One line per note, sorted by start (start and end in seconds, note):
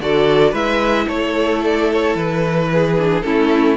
0.00 0.53 D3
0.00 0.53 F#4
0.00 0.51 A4
0.00 0.55 D5
0.51 1.07 G#3
0.51 2.97 E4
0.51 1.06 B4
0.51 1.09 E5
1.08 2.15 A3
1.08 2.70 A4
1.08 1.63 C#5
1.65 1.92 D5
1.93 2.17 C#5
2.15 3.24 E3
2.15 3.21 B4
2.73 3.27 G#4
2.99 3.24 D4
3.21 3.77 A3
3.21 3.77 C#4
3.21 3.77 E4
3.21 3.75 A4